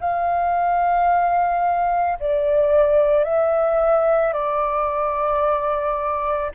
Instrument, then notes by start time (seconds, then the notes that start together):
flute
0.00 F5
2.20 D5
3.24 E5
4.33 D5